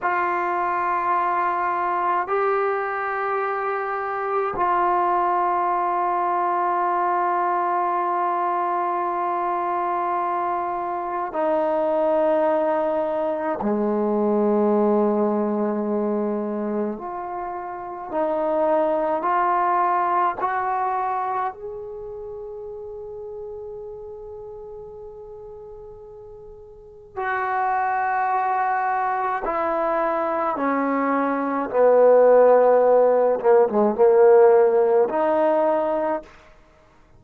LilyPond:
\new Staff \with { instrumentName = "trombone" } { \time 4/4 \tempo 4 = 53 f'2 g'2 | f'1~ | f'2 dis'2 | gis2. f'4 |
dis'4 f'4 fis'4 gis'4~ | gis'1 | fis'2 e'4 cis'4 | b4. ais16 gis16 ais4 dis'4 | }